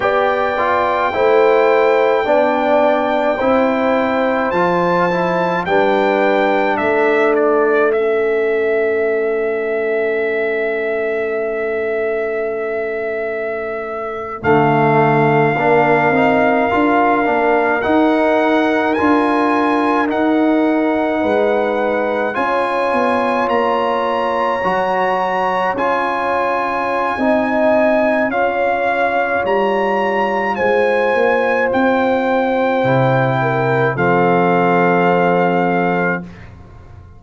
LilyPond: <<
  \new Staff \with { instrumentName = "trumpet" } { \time 4/4 \tempo 4 = 53 g''1 | a''4 g''4 e''8 d''8 e''4~ | e''1~ | e''8. f''2. fis''16~ |
fis''8. gis''4 fis''2 gis''16~ | gis''8. ais''2 gis''4~ gis''16~ | gis''4 f''4 ais''4 gis''4 | g''2 f''2 | }
  \new Staff \with { instrumentName = "horn" } { \time 4/4 d''4 c''4 d''4 c''4~ | c''4 b'4 a'2~ | a'1~ | a'4.~ a'16 ais'2~ ais'16~ |
ais'2~ ais'8. b'4 cis''16~ | cis''1 | dis''4 cis''2 c''4~ | c''4. ais'8 a'2 | }
  \new Staff \with { instrumentName = "trombone" } { \time 4/4 g'8 f'8 e'4 d'4 e'4 | f'8 e'8 d'2 cis'4~ | cis'1~ | cis'8. a4 d'8 dis'8 f'8 d'8 dis'16~ |
dis'8. f'4 dis'2 f'16~ | f'4.~ f'16 fis'4 f'4~ f'16 | dis'4 f'2.~ | f'4 e'4 c'2 | }
  \new Staff \with { instrumentName = "tuba" } { \time 4/4 b4 a4 b4 c'4 | f4 g4 a2~ | a1~ | a8. d4 ais8 c'8 d'8 ais8 dis'16~ |
dis'8. d'4 dis'4 gis4 cis'16~ | cis'16 b8 ais4 fis4 cis'4~ cis'16 | c'4 cis'4 g4 gis8 ais8 | c'4 c4 f2 | }
>>